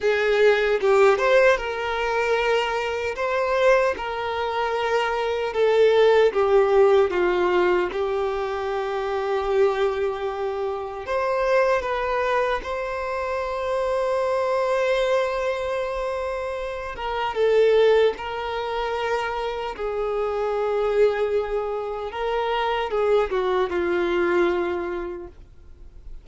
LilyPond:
\new Staff \with { instrumentName = "violin" } { \time 4/4 \tempo 4 = 76 gis'4 g'8 c''8 ais'2 | c''4 ais'2 a'4 | g'4 f'4 g'2~ | g'2 c''4 b'4 |
c''1~ | c''4. ais'8 a'4 ais'4~ | ais'4 gis'2. | ais'4 gis'8 fis'8 f'2 | }